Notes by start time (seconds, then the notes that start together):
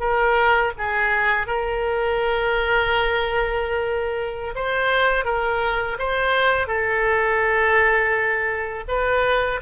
0.00 A#4
0.78 G#4
1.47 A#4
4.55 C5
5.25 A#4
5.99 C5
6.67 A4
8.88 B4